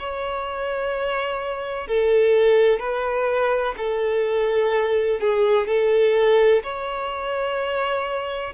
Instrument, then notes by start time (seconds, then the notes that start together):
violin
0.00 C#5
1.87 A4
2.80 B4
3.78 A4
5.21 G#4
5.68 A4
6.64 C#5